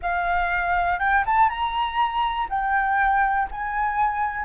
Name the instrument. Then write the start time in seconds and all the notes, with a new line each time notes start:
flute
0.02 F5
0.99 G5
1.25 A5
1.49 A#5
2.49 G5
3.51 G#5